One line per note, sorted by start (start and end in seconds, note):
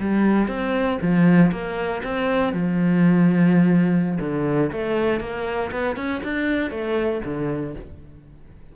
0.00 0.48 G3
0.48 0.99 C4
1.02 1.52 F3
1.52 2.03 A#3
2.03 2.53 C4
2.53 4.19 F3
4.20 4.71 D3
4.72 5.20 A3
5.20 5.71 A#3
5.71 5.96 B3
5.96 6.22 C#4
6.24 6.71 D4
6.71 7.22 A3
7.25 7.75 D3